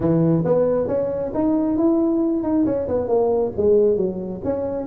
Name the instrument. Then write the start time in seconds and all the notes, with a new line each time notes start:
tuba
0.00 E3
0.45 B3
0.87 C#4
1.34 D#4
1.77 E4
2.43 D#4
2.65 C#4
2.88 B3
3.08 A#3
3.56 G#3
3.97 F#3
4.44 C#4